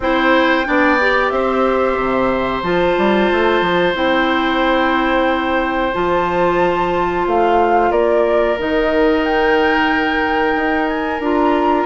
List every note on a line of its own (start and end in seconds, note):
0.00 0.66 C4
0.00 0.65 E4
0.00 0.67 C5
0.00 1.29 G5
0.65 1.31 B3
0.65 0.98 D4
0.65 1.33 D5
1.00 2.63 G4
1.29 1.96 C4
1.29 7.91 C5
1.29 2.61 E5
1.96 2.62 C3
2.62 2.95 F3
2.62 3.94 F4
2.62 3.95 A5
2.97 3.30 G3
3.32 3.60 A3
3.60 3.93 F3
3.94 5.92 C4
3.94 5.92 E4
3.94 5.94 G5
5.93 7.27 F3
5.93 8.56 F4
5.93 7.26 A5
7.27 7.91 A3
7.27 7.91 F5
7.91 8.56 A#3
7.91 11.86 A#4
7.91 8.57 D5
8.58 10.55 D#3
8.58 11.22 D#4
8.58 9.24 D#5
9.24 10.87 G5
10.55 11.19 D#4
10.87 11.20 G#5
11.19 11.85 D4
11.19 11.86 F4
11.19 11.86 A#5